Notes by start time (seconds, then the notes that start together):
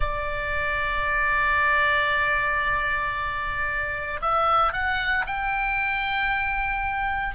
0.00 D5
4.21 E5
4.73 F#5
5.26 G5